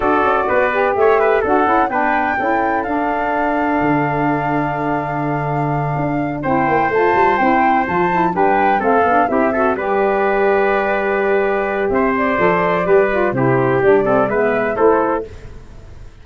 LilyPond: <<
  \new Staff \with { instrumentName = "flute" } { \time 4/4 \tempo 4 = 126 d''2 e''4 fis''4 | g''2 f''2~ | f''1~ | f''4. g''4 a''4 g''8~ |
g''8 a''4 g''4 f''4 e''8~ | e''8 d''2.~ d''8~ | d''4 e''8 d''2~ d''8 | c''4 d''4 e''4 c''4 | }
  \new Staff \with { instrumentName = "trumpet" } { \time 4/4 a'4 b'4 cis''8 b'8 a'4 | b'4 a'2.~ | a'1~ | a'4. c''2~ c''8~ |
c''4. b'4 a'4 g'8 | a'8 b'2.~ b'8~ | b'4 c''2 b'4 | g'4. a'8 b'4 a'4 | }
  \new Staff \with { instrumentName = "saxophone" } { \time 4/4 fis'4. g'4. fis'8 e'8 | d'4 e'4 d'2~ | d'1~ | d'4. e'4 f'4 e'8~ |
e'8 f'8 e'8 d'4 c'8 d'8 e'8 | fis'8 g'2.~ g'8~ | g'2 a'4 g'8 f'8 | e'4 d'8 c'8 b4 e'4 | }
  \new Staff \with { instrumentName = "tuba" } { \time 4/4 d'8 cis'8 b4 a4 d'8 cis'8 | b4 cis'4 d'2 | d1~ | d8 d'4 c'8 ais8 a8 g8 c'8~ |
c'8 f4 g4 a8 b8 c'8~ | c'8 g2.~ g8~ | g4 c'4 f4 g4 | c4 g4 gis4 a4 | }
>>